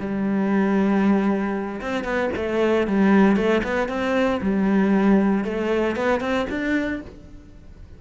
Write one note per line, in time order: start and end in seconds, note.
0.00 1.81 G3
1.82 2.05 C4
2.05 2.30 B3
2.36 2.88 A3
2.88 3.36 G3
3.36 3.62 A3
3.64 3.89 B3
3.89 4.41 C4
4.42 5.45 G3
5.45 5.96 A3
5.96 6.21 B3
6.21 6.47 C4
6.50 7.02 D4